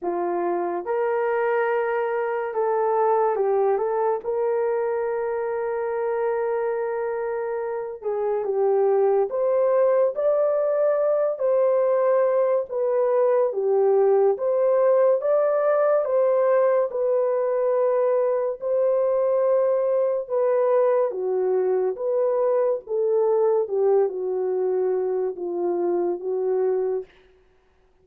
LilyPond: \new Staff \with { instrumentName = "horn" } { \time 4/4 \tempo 4 = 71 f'4 ais'2 a'4 | g'8 a'8 ais'2.~ | ais'4. gis'8 g'4 c''4 | d''4. c''4. b'4 |
g'4 c''4 d''4 c''4 | b'2 c''2 | b'4 fis'4 b'4 a'4 | g'8 fis'4. f'4 fis'4 | }